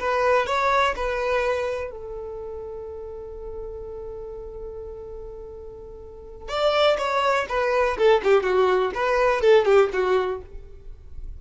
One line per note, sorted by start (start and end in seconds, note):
0.00 0.47 B4
0.47 0.95 C#5
0.96 1.91 B4
1.91 6.49 A4
6.49 6.97 D5
6.99 7.47 C#5
7.49 7.98 B4
7.98 8.22 A4
8.24 8.44 G4
8.44 8.92 F#4
8.95 9.42 B4
9.42 9.66 A4
9.66 9.90 G4
9.93 10.41 F#4